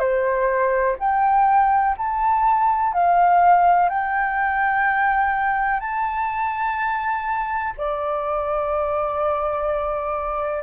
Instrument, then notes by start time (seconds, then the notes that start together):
flute
0.00 C5
1.00 G5
1.98 A5
2.94 F5
3.90 G5
5.81 A5
7.78 D5